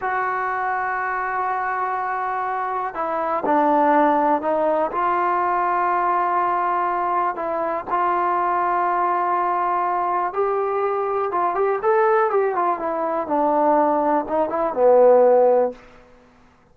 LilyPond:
\new Staff \with { instrumentName = "trombone" } { \time 4/4 \tempo 4 = 122 fis'1~ | fis'2 e'4 d'4~ | d'4 dis'4 f'2~ | f'2. e'4 |
f'1~ | f'4 g'2 f'8 g'8 | a'4 g'8 f'8 e'4 d'4~ | d'4 dis'8 e'8 b2 | }